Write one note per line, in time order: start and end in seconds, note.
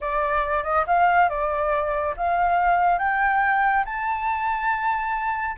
0.00 0.63 D5
0.63 0.85 D#5
0.86 1.29 F5
1.29 2.14 D5
2.16 2.98 F5
2.98 3.84 G5
3.85 5.56 A5